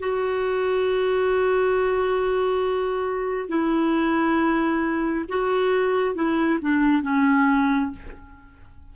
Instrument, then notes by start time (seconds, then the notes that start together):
clarinet
0.00 F#4
3.49 E4
5.29 F#4
6.15 E4
6.62 D4
7.03 C#4